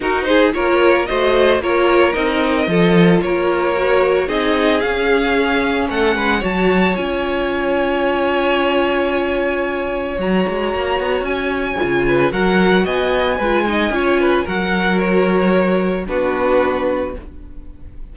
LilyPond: <<
  \new Staff \with { instrumentName = "violin" } { \time 4/4 \tempo 4 = 112 ais'8 c''8 cis''4 dis''4 cis''4 | dis''2 cis''2 | dis''4 f''2 fis''4 | a''4 gis''2.~ |
gis''2. ais''4~ | ais''4 gis''2 fis''4 | gis''2. fis''4 | cis''2 b'2 | }
  \new Staff \with { instrumentName = "violin" } { \time 4/4 fis'8 gis'8 ais'4 c''4 ais'4~ | ais'4 a'4 ais'2 | gis'2. a'8 b'8 | cis''1~ |
cis''1~ | cis''2~ cis''8 b'8 ais'4 | dis''4 b'8 dis''8 cis''8 b'8 ais'4~ | ais'2 fis'2 | }
  \new Staff \with { instrumentName = "viola" } { \time 4/4 dis'4 f'4 fis'4 f'4 | dis'4 f'2 fis'4 | dis'4 cis'2. | fis'4 f'2.~ |
f'2. fis'4~ | fis'2 f'4 fis'4~ | fis'4 f'8 dis'8 f'4 fis'4~ | fis'2 d'2 | }
  \new Staff \with { instrumentName = "cello" } { \time 4/4 dis'4 ais4 a4 ais4 | c'4 f4 ais2 | c'4 cis'2 a8 gis8 | fis4 cis'2.~ |
cis'2. fis8 gis8 | ais8 b8 cis'4 cis4 fis4 | b4 gis4 cis'4 fis4~ | fis2 b2 | }
>>